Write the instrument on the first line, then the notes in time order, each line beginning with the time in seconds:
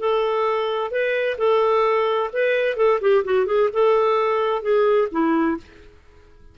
clarinet
0.00 A4
0.91 B4
1.38 A4
2.33 B4
2.77 A4
3.01 G4
3.25 F#4
3.47 G#4
3.73 A4
4.62 G#4
5.12 E4